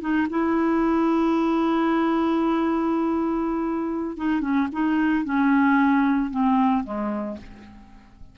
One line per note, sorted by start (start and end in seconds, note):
0.00 0.27 D#4
0.30 4.17 E4
4.17 4.41 D#4
4.41 4.68 C#4
4.72 5.25 D#4
5.25 6.30 C#4
6.30 6.83 C4
6.83 7.37 G#3